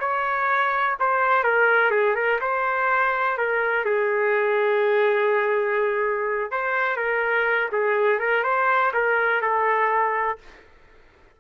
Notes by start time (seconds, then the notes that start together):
0.00 C#5
1.00 C5
1.44 A#4
1.91 G#4
2.16 A#4
2.41 C5
3.38 A#4
3.85 G#4
6.52 C5
6.97 A#4
7.72 G#4
8.19 A#4
8.44 C5
8.94 A#4
9.42 A4